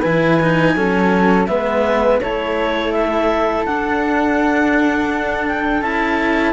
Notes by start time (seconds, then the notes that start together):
0.00 E3 E4 B4 G#5
0.42 D#4
0.75 F#3 C#4 A4
1.47 G#3 B3 B4 E5
2.21 A3 E4 A4 C#5
2.92 E5
3.66 D4 F#5
5.47 G5
5.82 C#4 E4 A5